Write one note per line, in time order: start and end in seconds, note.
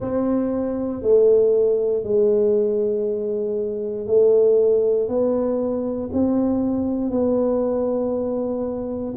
0.00 1.02 C4
1.02 2.03 A3
2.03 4.06 G#3
4.06 5.08 A3
5.08 6.10 B3
6.12 7.10 C4
7.10 9.14 B3